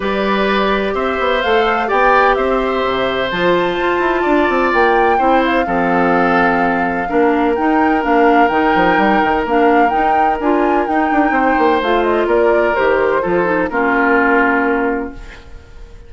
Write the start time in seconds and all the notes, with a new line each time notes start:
0.00 G3 G4 B4 D5
0.94 C4 C5 E5
1.19 B3
1.41 A3 A4 F5
1.86 B3 G4 D5 G5
2.34 C4 C5 E5
2.84 C3
3.31 F3 F4 A5
3.78 F4
3.99 E4
4.22 D4 D5
4.49 C4
4.73 A#3 G5
5.18 C4 E4 C5
5.44 F5
5.65 F3 C4 A4
7.07 A#3 D4 A#4
7.55 D#4 G5
8.01 A#3 D4 F5
8.48 D#3 D#4 G5
8.75 F3
8.97 G3
9.23 D#3
9.45 A#3 D4 F5
9.89 D#4 G5
9.95 D#4
10.40 D4 F4 G#5
10.86 D#4 G5
11.11 D4
11.30 C4 C5
11.58 A#3
11.81 A3 F4 F5
12.03 D#5
12.26 A#3 A#4 D5
12.75 D#3 G4 C5
13.22 F3 F4 A4
13.44 D#4
13.68 A#3 C#4 F4 A#4